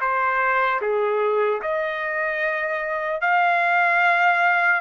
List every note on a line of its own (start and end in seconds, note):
0.00 0.80 C5
0.81 1.61 G#4
1.61 3.21 D#5
3.21 4.81 F5